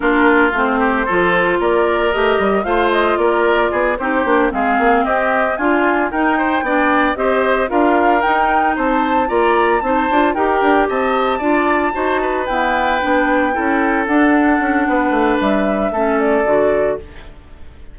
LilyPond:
<<
  \new Staff \with { instrumentName = "flute" } { \time 4/4 \tempo 4 = 113 ais'4 c''2 d''4 | dis''4 f''8 dis''8 d''4. c''8~ | c''8 f''4 dis''4 gis''4 g''8~ | g''4. dis''4 f''4 g''8~ |
g''8 a''4 ais''4 a''4 g''8~ | g''8 a''2. g''8~ | g''2~ g''8 fis''4.~ | fis''4 e''4. d''4. | }
  \new Staff \with { instrumentName = "oboe" } { \time 4/4 f'4. g'8 a'4 ais'4~ | ais'4 c''4 ais'4 gis'8 g'8~ | g'8 gis'4 g'4 f'4 ais'8 | c''8 d''4 c''4 ais'4.~ |
ais'8 c''4 d''4 c''4 ais'8~ | ais'8 dis''4 d''4 c''8 b'4~ | b'4. a'2~ a'8 | b'2 a'2 | }
  \new Staff \with { instrumentName = "clarinet" } { \time 4/4 d'4 c'4 f'2 | g'4 f'2~ f'8 dis'8 | d'8 c'2 f'4 dis'8~ | dis'8 d'4 g'4 f'4 dis'8~ |
dis'4. f'4 dis'8 f'8 g'8~ | g'4. f'4 fis'4 b8~ | b8 d'4 e'4 d'4.~ | d'2 cis'4 fis'4 | }
  \new Staff \with { instrumentName = "bassoon" } { \time 4/4 ais4 a4 f4 ais4 | a8 g8 a4 ais4 b8 c'8 | ais8 gis8 ais8 c'4 d'4 dis'8~ | dis'8 b4 c'4 d'4 dis'8~ |
dis'8 c'4 ais4 c'8 d'8 dis'8 | d'8 c'4 d'4 dis'4 e'8~ | e'8 b4 cis'4 d'4 cis'8 | b8 a8 g4 a4 d4 | }
>>